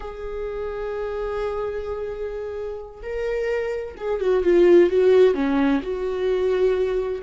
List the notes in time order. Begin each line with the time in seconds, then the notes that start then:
0.00 G#4
3.02 A#4
3.97 G#4
4.20 F#4
4.43 F4
4.90 F#4
5.34 C#4
5.82 F#4